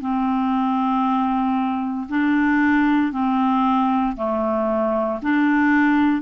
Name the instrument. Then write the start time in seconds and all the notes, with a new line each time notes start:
clarinet
0.00 C4
2.09 D4
3.12 C4
4.16 A3
5.22 D4